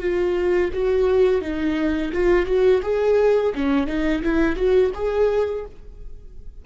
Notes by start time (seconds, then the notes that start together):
0.00 F4
0.73 F#4
1.42 D#4
2.13 F4
2.46 F#4
2.83 G#4
3.55 C#4
3.87 D#4
4.23 E4
4.56 F#4
4.95 G#4